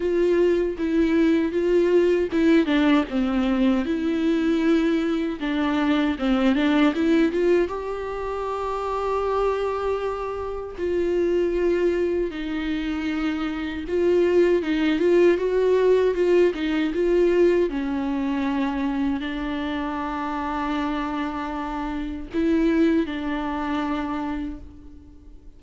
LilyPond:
\new Staff \with { instrumentName = "viola" } { \time 4/4 \tempo 4 = 78 f'4 e'4 f'4 e'8 d'8 | c'4 e'2 d'4 | c'8 d'8 e'8 f'8 g'2~ | g'2 f'2 |
dis'2 f'4 dis'8 f'8 | fis'4 f'8 dis'8 f'4 cis'4~ | cis'4 d'2.~ | d'4 e'4 d'2 | }